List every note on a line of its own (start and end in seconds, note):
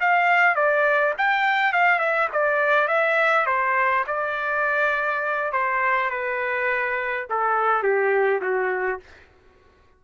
0.00 0.55 F5
0.55 1.13 D5
1.18 1.72 G5
1.72 1.99 F5
1.99 2.28 E5
2.32 2.88 D5
2.88 3.46 E5
3.46 4.05 C5
4.07 5.52 D5
5.52 6.10 C5
6.10 7.27 B4
7.30 7.83 A4
7.83 8.41 G4
8.41 9.00 F#4